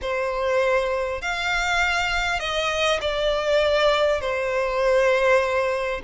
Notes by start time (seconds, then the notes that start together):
0.01 C5
1.21 F5
2.39 D#5
3.01 D5
4.20 C5